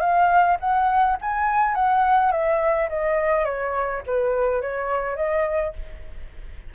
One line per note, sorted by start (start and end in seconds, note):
0.00 0.57 F5
0.60 1.17 F#5
1.21 1.75 G#5
1.75 2.31 F#5
2.31 2.89 E5
2.89 3.45 D#5
3.45 4.02 C#5
4.06 4.62 B4
4.62 5.16 C#5
5.16 5.73 D#5